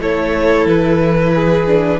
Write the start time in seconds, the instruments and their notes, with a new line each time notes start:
0.00 cello A3, viola E4, violin A4 C#5
0.67 cello E3, violin B4
1.34 violin G#4
1.67 viola D4